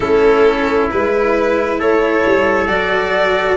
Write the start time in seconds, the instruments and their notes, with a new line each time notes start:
0.00 tuba A3, cello C#4, trumpet E4, violin A4
0.90 tuba G#3, cello E4, violin B4
1.78 tuba A3, trumpet A4, violin C#5
2.25 tuba G3
2.67 tuba F#3, cello F#4, violin D5